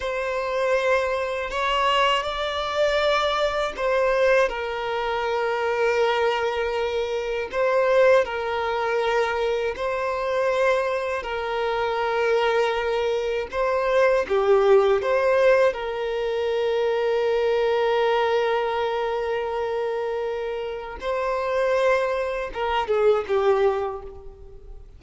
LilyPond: \new Staff \with { instrumentName = "violin" } { \time 4/4 \tempo 4 = 80 c''2 cis''4 d''4~ | d''4 c''4 ais'2~ | ais'2 c''4 ais'4~ | ais'4 c''2 ais'4~ |
ais'2 c''4 g'4 | c''4 ais'2.~ | ais'1 | c''2 ais'8 gis'8 g'4 | }